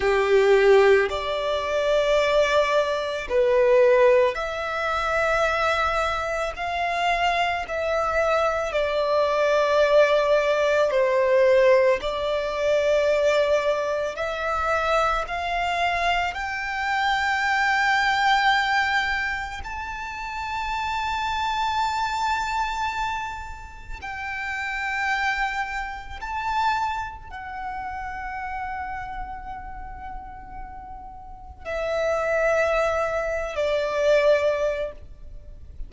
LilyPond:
\new Staff \with { instrumentName = "violin" } { \time 4/4 \tempo 4 = 55 g'4 d''2 b'4 | e''2 f''4 e''4 | d''2 c''4 d''4~ | d''4 e''4 f''4 g''4~ |
g''2 a''2~ | a''2 g''2 | a''4 fis''2.~ | fis''4 e''4.~ e''16 d''4~ d''16 | }